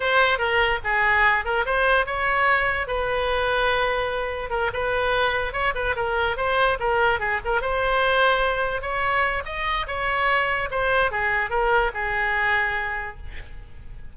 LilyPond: \new Staff \with { instrumentName = "oboe" } { \time 4/4 \tempo 4 = 146 c''4 ais'4 gis'4. ais'8 | c''4 cis''2 b'4~ | b'2. ais'8 b'8~ | b'4. cis''8 b'8 ais'4 c''8~ |
c''8 ais'4 gis'8 ais'8 c''4.~ | c''4. cis''4. dis''4 | cis''2 c''4 gis'4 | ais'4 gis'2. | }